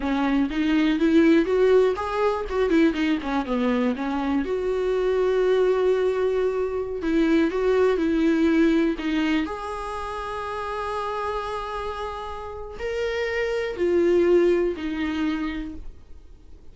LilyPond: \new Staff \with { instrumentName = "viola" } { \time 4/4 \tempo 4 = 122 cis'4 dis'4 e'4 fis'4 | gis'4 fis'8 e'8 dis'8 cis'8 b4 | cis'4 fis'2.~ | fis'2~ fis'16 e'4 fis'8.~ |
fis'16 e'2 dis'4 gis'8.~ | gis'1~ | gis'2 ais'2 | f'2 dis'2 | }